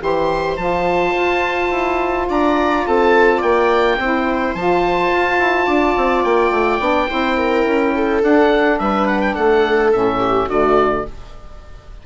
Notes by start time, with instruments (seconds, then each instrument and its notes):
0.00 bassoon E3, saxophone G4, viola C5, oboe C6
0.57 bassoon F3, saxophone F4, oboe A5
1.15 bassoon F4
1.71 bassoon E4
2.29 bassoon D4, viola D5, oboe A#5
2.87 bassoon C4, viola A4, oboe A5
3.37 bassoon A#3, viola D5, oboe G5
3.98 bassoon C4, saxophone E4, viola C5
4.54 bassoon F3, saxophone F4, oboe A5
5.12 bassoon F4
5.39 bassoon E4
5.66 bassoon D4, viola D5
5.97 bassoon C4
6.24 bassoon A#3, oboe G5
6.51 bassoon A3
6.79 bassoon B3, saxophone D4
7.08 bassoon C4, saxophone E4, viola C5
7.37 viola A#4
7.65 bassoon C#4
7.95 viola A4
8.22 bassoon D4, saxophone D4, oboe F#5
8.79 bassoon G3, viola B4, oboe E5
9.07 oboe F#5
9.21 oboe G5
9.35 bassoon A3, viola A4, oboe F#5
9.92 bassoon A2, saxophone C#4, oboe E5
10.19 viola G4
10.47 bassoon D3, saxophone A3, viola F#4, oboe D5